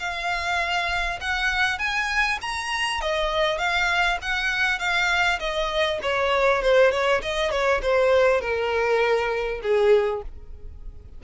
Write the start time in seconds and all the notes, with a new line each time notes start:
0.00 F5
1.21 F#5
1.79 G#5
2.42 A#5
3.02 D#5
3.59 F5
4.22 F#5
4.79 F5
5.40 D#5
6.02 C#5
6.63 C5
6.92 C#5
7.22 D#5
7.52 C#5
7.83 C5
8.42 A#4
9.63 G#4